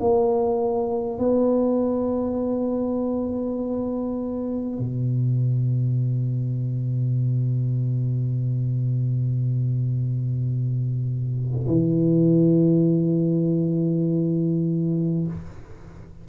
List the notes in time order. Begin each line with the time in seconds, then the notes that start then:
0.00 A#3
1.19 B3
4.79 B2
11.67 E3